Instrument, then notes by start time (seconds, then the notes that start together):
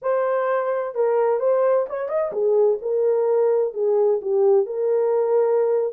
horn
0.01 C5
0.95 A#4
1.39 C5
1.89 C#5
2.08 D#5
2.32 G#4
2.81 A#4
3.73 G#4
4.21 G4
4.66 A#4